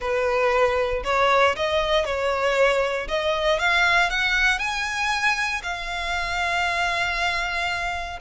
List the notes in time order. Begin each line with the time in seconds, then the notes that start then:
0.00 B4
1.04 C#5
1.55 D#5
2.05 C#5
3.08 D#5
3.59 F5
4.10 F#5
4.59 G#5
5.62 F5